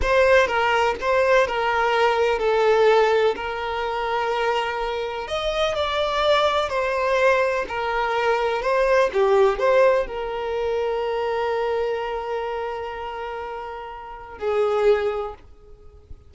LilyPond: \new Staff \with { instrumentName = "violin" } { \time 4/4 \tempo 4 = 125 c''4 ais'4 c''4 ais'4~ | ais'4 a'2 ais'4~ | ais'2. dis''4 | d''2 c''2 |
ais'2 c''4 g'4 | c''4 ais'2.~ | ais'1~ | ais'2 gis'2 | }